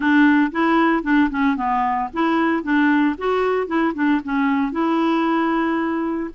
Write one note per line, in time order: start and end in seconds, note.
0.00 0.51 D4
0.51 1.03 E4
1.03 1.29 D4
1.30 1.56 C#4
1.56 2.09 B3
2.13 2.63 E4
2.63 3.15 D4
3.17 3.67 F#4
3.67 3.93 E4
3.94 4.20 D4
4.24 4.72 C#4
4.72 6.29 E4